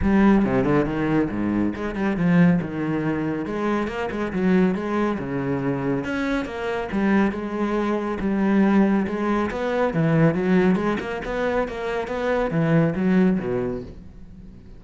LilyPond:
\new Staff \with { instrumentName = "cello" } { \time 4/4 \tempo 4 = 139 g4 c8 d8 dis4 gis,4 | gis8 g8 f4 dis2 | gis4 ais8 gis8 fis4 gis4 | cis2 cis'4 ais4 |
g4 gis2 g4~ | g4 gis4 b4 e4 | fis4 gis8 ais8 b4 ais4 | b4 e4 fis4 b,4 | }